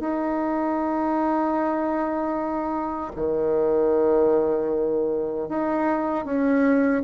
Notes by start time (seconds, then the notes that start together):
0.00 D#4
3.16 D#3
5.48 D#4
6.25 C#4